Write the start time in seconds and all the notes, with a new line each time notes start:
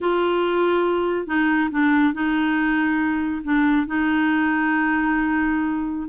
0.01 F4
1.26 D#4
1.71 D4
2.13 D#4
3.44 D4
3.86 D#4